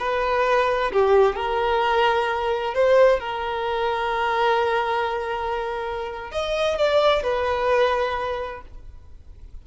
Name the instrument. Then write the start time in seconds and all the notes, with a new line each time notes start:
violin
0.00 B4
0.93 G4
1.36 A#4
2.75 C5
3.21 A#4
6.32 D#5
6.78 D5
7.24 B4